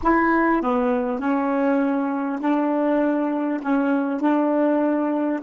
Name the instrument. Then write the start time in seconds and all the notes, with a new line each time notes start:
saxophone
0.02 E4
0.62 B3
1.19 C#4
2.40 D4
3.62 C#4
4.20 D4